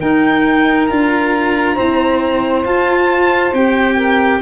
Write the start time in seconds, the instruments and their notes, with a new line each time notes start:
0.00 tuba D#4, cello D#4, saxophone A#4, violin G5
0.86 tuba D4, cello F4, violin A#5
1.74 cello C4, tuba E4, saxophone C5
2.64 tuba F4, cello F4, violin A5
3.52 tuba C4, cello G4, violin G5
3.95 saxophone A#4